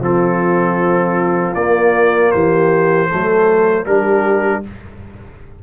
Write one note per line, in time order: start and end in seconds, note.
0.00 1.54 F3
0.00 1.56 C4
0.00 2.32 F4
0.00 1.55 A4
1.55 2.33 A#3
1.55 3.09 A#3
1.55 2.32 D5
2.32 3.12 E3
2.32 3.08 G4
2.32 3.85 C5
3.08 3.86 F#3
3.08 3.86 A3
3.08 3.85 A4
3.86 4.63 G3
3.86 4.63 D4
3.86 4.63 G4
3.86 4.63 A#4